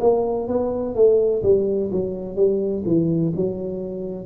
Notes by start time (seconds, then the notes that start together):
0.00 A#3
0.48 B3
0.95 A3
1.43 G3
1.91 F#3
2.35 G3
2.85 E3
3.35 F#3